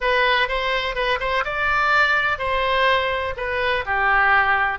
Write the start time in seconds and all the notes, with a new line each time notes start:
0.00 B4
0.48 C5
0.95 B4
1.20 C5
1.44 D5
2.38 C5
3.36 B4
3.85 G4